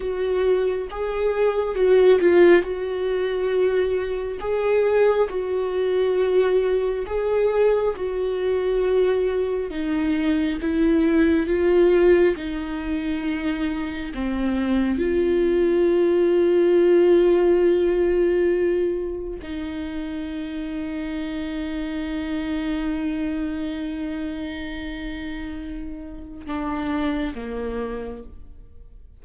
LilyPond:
\new Staff \with { instrumentName = "viola" } { \time 4/4 \tempo 4 = 68 fis'4 gis'4 fis'8 f'8 fis'4~ | fis'4 gis'4 fis'2 | gis'4 fis'2 dis'4 | e'4 f'4 dis'2 |
c'4 f'2.~ | f'2 dis'2~ | dis'1~ | dis'2 d'4 ais4 | }